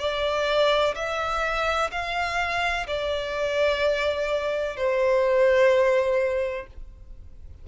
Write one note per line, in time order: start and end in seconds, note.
0.00 0.95 D5
0.96 1.91 E5
1.92 2.87 F5
2.87 4.77 D5
4.77 6.68 C5